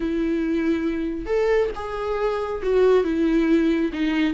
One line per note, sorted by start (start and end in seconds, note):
0.00 1.26 E4
1.26 1.69 A4
1.75 2.62 G#4
2.62 3.04 F#4
3.04 3.91 E4
3.92 4.33 D#4